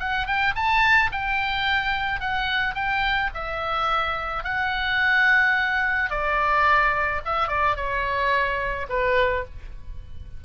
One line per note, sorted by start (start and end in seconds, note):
0.00 0.27 F#5
0.27 0.55 G5
0.56 1.11 A5
1.12 2.21 G5
2.21 2.75 F#5
2.75 3.31 G5
3.35 4.44 E5
4.44 6.11 F#5
6.11 7.22 D5
7.26 7.48 E5
7.48 7.76 D5
7.76 8.87 C#5
8.89 9.45 B4